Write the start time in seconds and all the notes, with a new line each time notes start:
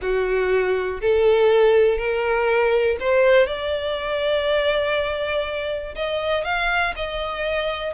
0.01 F#4
1.01 A4
1.97 A#4
3.00 C5
3.46 D5
5.95 D#5
6.44 F5
6.96 D#5